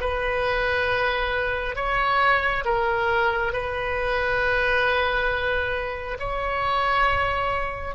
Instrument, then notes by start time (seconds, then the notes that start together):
oboe
0.00 B4
1.76 C#5
2.65 A#4
3.53 B4
6.19 C#5